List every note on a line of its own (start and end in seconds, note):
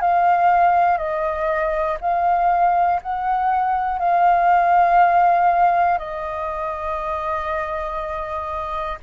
0.00 0.97 F5
0.97 1.97 D#5
2.00 3.00 F5
3.02 3.99 F#5
3.99 5.98 F5
5.98 8.98 D#5